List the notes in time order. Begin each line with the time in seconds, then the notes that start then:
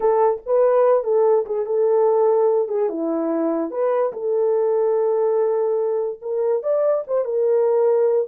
0.00 A4
0.46 B4
1.03 A4
1.46 G#4
1.66 A4
2.68 G#4
2.89 E4
3.71 B4
4.12 A4
6.21 A#4
6.62 D5
7.07 C5
7.25 A#4